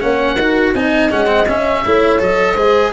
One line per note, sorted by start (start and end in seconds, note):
0.00 0.37 A#3
0.00 0.37 C#4
0.00 0.37 C#5
0.00 0.73 F#5
0.37 0.73 D#4
0.37 0.75 F#4
0.37 0.73 A#4
0.75 1.11 C4
0.75 1.11 D#4
0.75 1.84 D#5
0.75 1.12 G#5
1.11 1.47 G#3
1.11 1.26 C#4
1.11 1.48 F#5
1.26 1.45 C4
1.48 1.85 C#4
1.48 2.21 E5
1.85 2.21 A3
1.85 2.19 E4
1.85 2.54 C#5
2.19 2.55 F#3
2.19 2.56 A4
2.19 2.93 D#5
2.54 2.92 G#3
2.54 2.93 G#4
2.54 2.90 C5